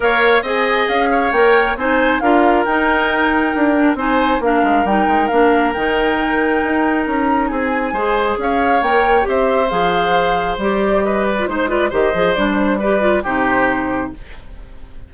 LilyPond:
<<
  \new Staff \with { instrumentName = "flute" } { \time 4/4 \tempo 4 = 136 f''4 gis''4 f''4 g''4 | gis''4 f''4 g''2~ | g''4 gis''4 f''4 g''4 | f''4 g''2. |
ais''4 gis''2 f''4 | g''4 e''4 f''2 | d''4 dis''8 d''8 c''8 d''8 dis''4 | d''8 c''8 d''4 c''2 | }
  \new Staff \with { instrumentName = "oboe" } { \time 4/4 cis''4 dis''4. cis''4. | c''4 ais'2.~ | ais'4 c''4 ais'2~ | ais'1~ |
ais'4 gis'4 c''4 cis''4~ | cis''4 c''2.~ | c''4 b'4 c''8 b'8 c''4~ | c''4 b'4 g'2 | }
  \new Staff \with { instrumentName = "clarinet" } { \time 4/4 ais'4 gis'2 ais'4 | dis'4 f'4 dis'2~ | dis'8 d'8 dis'4 d'4 dis'4 | d'4 dis'2.~ |
dis'2 gis'2 | ais'4 g'4 gis'2 | g'4.~ g'16 f'16 dis'8 f'8 g'8 gis'8 | d'4 g'8 f'8 dis'2 | }
  \new Staff \with { instrumentName = "bassoon" } { \time 4/4 ais4 c'4 cis'4 ais4 | c'4 d'4 dis'2 | d'4 c'4 ais8 gis8 g8 gis8 | ais4 dis2 dis'4 |
cis'4 c'4 gis4 cis'4 | ais4 c'4 f2 | g2 gis4 dis8 f8 | g2 c2 | }
>>